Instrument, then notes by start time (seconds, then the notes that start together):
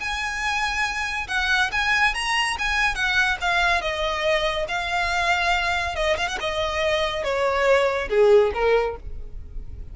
violin
0.00 G#5
1.28 F#5
1.72 G#5
2.15 A#5
2.59 G#5
2.95 F#5
3.41 F5
3.82 D#5
4.68 F5
5.96 D#5
6.17 F5
6.28 F#5
6.41 D#5
7.24 C#5
8.10 G#4
8.54 A#4